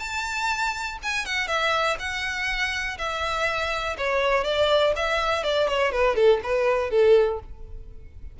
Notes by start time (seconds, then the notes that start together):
0.00 A5
1.03 G#5
1.26 F#5
1.48 E5
2.00 F#5
2.98 E5
3.98 C#5
4.45 D5
4.96 E5
5.44 D5
5.68 C#5
5.92 B4
6.16 A4
6.44 B4
6.91 A4